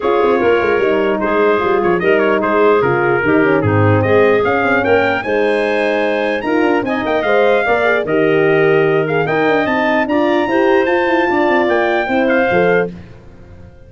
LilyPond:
<<
  \new Staff \with { instrumentName = "trumpet" } { \time 4/4 \tempo 4 = 149 cis''2. c''4~ | c''8 cis''8 dis''8 cis''8 c''4 ais'4~ | ais'4 gis'4 dis''4 f''4 | g''4 gis''2. |
ais''4 gis''8 g''8 f''2 | dis''2~ dis''8 f''8 g''4 | a''4 ais''2 a''4~ | a''4 g''4. f''4. | }
  \new Staff \with { instrumentName = "clarinet" } { \time 4/4 gis'4 ais'2 gis'4~ | gis'4 ais'4 gis'2 | g'4 dis'4 gis'2 | ais'4 c''2. |
ais'4 dis''2 d''4 | ais'2. dis''4~ | dis''4 d''4 c''2 | d''2 c''2 | }
  \new Staff \with { instrumentName = "horn" } { \time 4/4 f'2 dis'2 | f'4 dis'2 f'4 | dis'8 cis'8 c'2 cis'4~ | cis'4 dis'2. |
f'4 dis'4 c''4 ais'8 gis'8 | g'2~ g'8 gis'8 ais'4 | dis'4 f'4 g'4 f'4~ | f'2 e'4 a'4 | }
  \new Staff \with { instrumentName = "tuba" } { \time 4/4 cis'8 c'8 ais8 gis8 g4 gis4 | g8 f8 g4 gis4 cis4 | dis4 gis,4 gis4 cis'8 c'8 | ais4 gis2. |
dis'8 d'8 c'8 ais8 gis4 ais4 | dis2. dis'8 d'8 | c'4 d'4 e'4 f'8 e'8 | d'8 c'8 ais4 c'4 f4 | }
>>